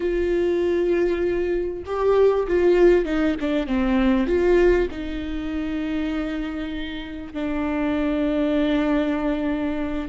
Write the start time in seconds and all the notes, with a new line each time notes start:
0.00 F4
1.85 G4
2.47 F4
3.05 D#4
3.40 D4
3.67 C4
4.26 F4
4.90 D#4
7.33 D4